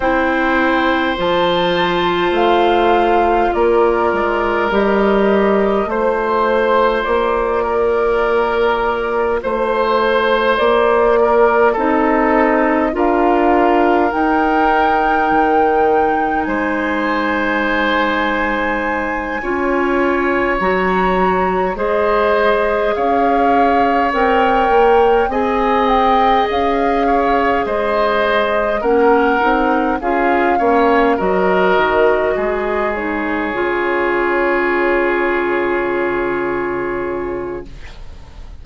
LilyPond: <<
  \new Staff \with { instrumentName = "flute" } { \time 4/4 \tempo 4 = 51 g''4 a''4 f''4 d''4 | dis''4 c''4 d''2 | c''4 d''4 dis''4 f''4 | g''2 gis''2~ |
gis''4. ais''4 dis''4 f''8~ | f''8 g''4 gis''8 g''8 f''4 dis''8~ | dis''8 fis''4 f''4 dis''4. | cis''1 | }
  \new Staff \with { instrumentName = "oboe" } { \time 4/4 c''2. ais'4~ | ais'4 c''4. ais'4. | c''4. ais'8 a'4 ais'4~ | ais'2 c''2~ |
c''8 cis''2 c''4 cis''8~ | cis''4. dis''4. cis''8 c''8~ | c''8 ais'4 gis'8 cis''8 ais'4 gis'8~ | gis'1 | }
  \new Staff \with { instrumentName = "clarinet" } { \time 4/4 e'4 f'2. | g'4 f'2.~ | f'2 dis'4 f'4 | dis'1~ |
dis'8 f'4 fis'4 gis'4.~ | gis'8 ais'4 gis'2~ gis'8~ | gis'8 cis'8 dis'8 f'8 cis'8 fis'4. | dis'8 f'2.~ f'8 | }
  \new Staff \with { instrumentName = "bassoon" } { \time 4/4 c'4 f4 a4 ais8 gis8 | g4 a4 ais2 | a4 ais4 c'4 d'4 | dis'4 dis4 gis2~ |
gis8 cis'4 fis4 gis4 cis'8~ | cis'8 c'8 ais8 c'4 cis'4 gis8~ | gis8 ais8 c'8 cis'8 ais8 fis8 dis8 gis8~ | gis8 cis2.~ cis8 | }
>>